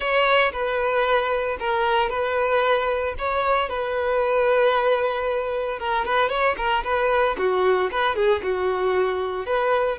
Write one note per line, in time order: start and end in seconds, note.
0.00 0.52 C#5
0.52 1.57 B4
1.59 2.09 A#4
2.09 3.14 B4
3.18 3.69 C#5
3.69 5.79 B4
5.79 6.05 A#4
6.05 6.29 B4
6.29 6.55 C#5
6.57 6.83 A#4
6.83 7.36 B4
7.38 7.90 F#4
7.91 8.15 B4
8.15 8.41 G#4
8.42 9.45 F#4
9.45 9.98 B4